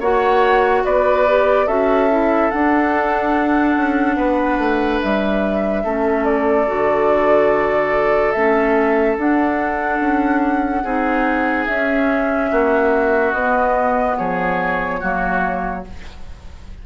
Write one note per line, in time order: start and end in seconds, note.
0.00 0.84 A#3
0.00 1.27 F#4
0.00 0.83 C#5
0.00 0.85 F#5
0.85 1.68 B3
0.85 1.67 B4
0.85 1.68 D5
1.28 1.68 G4
1.67 2.51 C#4
1.67 2.10 F#4
1.67 4.16 A4
1.67 2.51 E5
2.10 2.52 E4
2.51 5.85 D4
2.51 3.77 D4
2.51 5.01 F#5
3.77 4.17 C#4
4.16 4.58 B3
4.16 5.83 B4
4.59 5.00 A3
5.02 5.85 G3
5.02 6.25 E5
5.84 6.68 A3
5.84 6.67 C#4
5.84 10.84 A4
6.25 8.32 D5
6.67 8.35 D3
6.67 8.34 F#4
8.32 9.17 A3
8.32 9.18 C#4
8.32 9.16 E5
9.17 10.00 D4
9.17 10.85 D4
9.17 11.67 F#5
10.00 10.84 C#4
10.84 11.68 C4
10.84 11.68 D#4
10.84 12.50 G#4
11.67 12.52 C#4
11.67 13.36 C#4
11.67 13.33 E5
12.51 13.33 A#3
12.51 14.18 F#4
13.33 14.17 B3
13.33 15.01 B3
13.33 14.16 D#5
14.18 15.03 F3
14.18 15.00 G#4
14.18 15.84 C#5
15.00 15.86 F#3
15.00 15.84 A#3
15.00 15.84 F#4